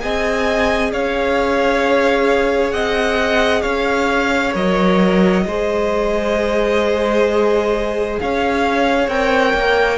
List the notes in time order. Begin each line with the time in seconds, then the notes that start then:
0.00 C4 G#4 D#5 G#5
0.93 C#4 C#5 F5
2.71 C4 D#5 F#5
3.62 C#4 C#5 F5
4.54 F#3 A#4 D#5
5.46 G#3 G#4 C5
8.20 C#4 C#5 F5
9.08 C4 A#4 G5
9.54 A#3